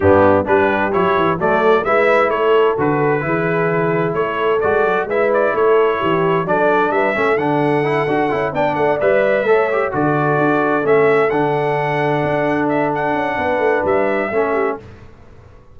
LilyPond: <<
  \new Staff \with { instrumentName = "trumpet" } { \time 4/4 \tempo 4 = 130 g'4 b'4 cis''4 d''4 | e''4 cis''4 b'2~ | b'4 cis''4 d''4 e''8 d''8 | cis''2 d''4 e''4 |
fis''2~ fis''8 g''8 fis''8 e''8~ | e''4. d''2 e''8~ | e''8 fis''2. e''8 | fis''2 e''2 | }
  \new Staff \with { instrumentName = "horn" } { \time 4/4 d'4 g'2 a'4 | b'4 a'2 gis'4~ | gis'4 a'2 b'4 | a'4 g'4 a'4 b'8 a'8~ |
a'2~ a'8 d''4.~ | d''8 cis''4 a'2~ a'8~ | a'1~ | a'4 b'2 a'8 g'8 | }
  \new Staff \with { instrumentName = "trombone" } { \time 4/4 b4 d'4 e'4 a4 | e'2 fis'4 e'4~ | e'2 fis'4 e'4~ | e'2 d'4. cis'8 |
d'4 e'8 fis'8 e'8 d'4 b'8~ | b'8 a'8 g'8 fis'2 cis'8~ | cis'8 d'2.~ d'8~ | d'2. cis'4 | }
  \new Staff \with { instrumentName = "tuba" } { \time 4/4 g,4 g4 fis8 e8 fis4 | gis4 a4 d4 e4~ | e4 a4 gis8 fis8 gis4 | a4 e4 fis4 g8 a8 |
d4. d'8 cis'8 b8 a8 g8~ | g8 a4 d4 d'4 a8~ | a8 d2 d'4.~ | d'8 cis'8 b8 a8 g4 a4 | }
>>